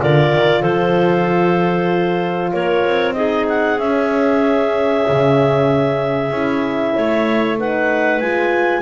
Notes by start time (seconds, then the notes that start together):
0.00 D3 F4 A#4 D5
0.34 D#3
0.61 F3 A4 C5
2.53 A#3 A#4 C#5
2.86 C4
3.14 D#4 G#4 D#5
3.49 F#5
3.79 C#4 E5
5.09 C#3
6.31 C#4 E4
6.95 A3 C#5
7.59 D#4 B4 F#5
8.21 G#3 F4 G#5